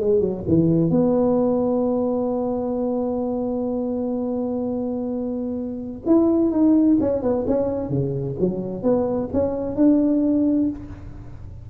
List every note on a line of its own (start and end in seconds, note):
0.00 0.20 G#3
0.20 0.43 F#3
0.47 0.90 E3
0.90 6.02 B3
6.05 6.51 E4
6.51 6.97 D#4
7.00 7.22 C#4
7.22 7.45 B3
7.47 7.89 C#4
7.89 8.35 C#3
8.39 8.82 F#3
8.82 9.29 B3
9.33 9.76 C#4
9.76 10.69 D4